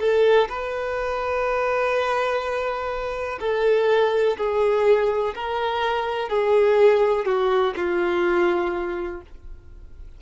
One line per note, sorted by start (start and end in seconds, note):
0.00 0.48 A4
0.49 3.39 B4
3.40 4.37 A4
4.38 5.34 G#4
5.35 6.29 A#4
6.29 7.25 G#4
7.25 7.74 F#4
7.76 9.22 F4